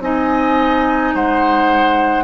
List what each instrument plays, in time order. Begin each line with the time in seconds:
0.00 bassoon C4, clarinet D#4, oboe D#5, flute G#5
1.15 bassoon G#3, oboe C5, flute F#5